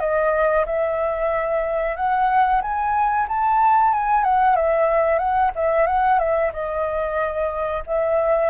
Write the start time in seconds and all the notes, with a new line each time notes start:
0.00 D#5
0.66 E5
1.97 F#5
2.62 G#5
3.28 A5
3.93 G#5
4.24 F#5
4.56 E5
5.19 F#5
5.56 E5
5.87 F#5
6.19 E5
6.53 D#5
7.87 E5